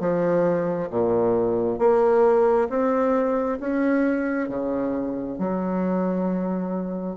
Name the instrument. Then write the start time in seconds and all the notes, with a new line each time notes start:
bassoon
0.00 F3
0.90 A#2
1.79 A#3
2.69 C4
3.60 C#4
4.49 C#3
5.39 F#3